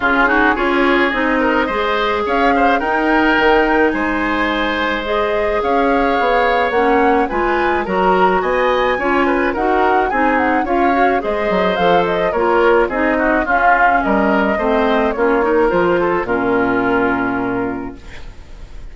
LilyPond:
<<
  \new Staff \with { instrumentName = "flute" } { \time 4/4 \tempo 4 = 107 gis'4 cis''4 dis''2 | f''4 g''2 gis''4~ | gis''4 dis''4 f''2 | fis''4 gis''4 ais''4 gis''4~ |
gis''4 fis''4 gis''8 fis''8 f''4 | dis''4 f''8 dis''8 cis''4 dis''4 | f''4 dis''2 cis''4 | c''4 ais'2. | }
  \new Staff \with { instrumentName = "oboe" } { \time 4/4 f'8 fis'8 gis'4. ais'8 c''4 | cis''8 c''8 ais'2 c''4~ | c''2 cis''2~ | cis''4 b'4 ais'4 dis''4 |
cis''8 b'8 ais'4 gis'4 cis''4 | c''2 ais'4 gis'8 fis'8 | f'4 ais'4 c''4 f'8 ais'8~ | ais'8 a'8 f'2. | }
  \new Staff \with { instrumentName = "clarinet" } { \time 4/4 cis'8 dis'8 f'4 dis'4 gis'4~ | gis'4 dis'2.~ | dis'4 gis'2. | cis'4 f'4 fis'2 |
f'4 fis'4 dis'4 f'8 fis'8 | gis'4 a'4 f'4 dis'4 | cis'2 c'4 cis'8 dis'8 | f'4 cis'2. | }
  \new Staff \with { instrumentName = "bassoon" } { \time 4/4 cis4 cis'4 c'4 gis4 | cis'4 dis'4 dis4 gis4~ | gis2 cis'4 b4 | ais4 gis4 fis4 b4 |
cis'4 dis'4 c'4 cis'4 | gis8 fis8 f4 ais4 c'4 | cis'4 g4 a4 ais4 | f4 ais,2. | }
>>